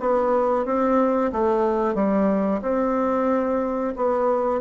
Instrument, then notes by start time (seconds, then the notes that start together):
bassoon
0.00 B3
0.65 C4
1.32 A3
1.94 G3
2.61 C4
3.96 B3